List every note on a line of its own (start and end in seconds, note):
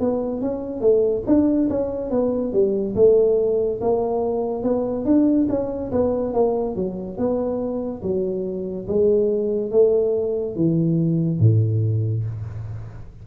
0.00 0.41 B3
0.41 0.81 C#4
0.81 1.23 A3
1.26 1.69 D4
1.70 2.10 C#4
2.10 2.53 B3
2.53 2.95 G3
2.95 3.80 A3
3.81 4.63 A#3
4.63 5.05 B3
5.05 5.47 D4
5.49 5.91 C#4
5.92 6.33 B3
6.33 6.76 A#3
6.76 7.18 F#3
7.18 8.02 B3
8.02 8.87 F#3
8.87 9.71 G#3
9.71 10.56 A3
10.56 11.40 E3
11.40 12.24 A2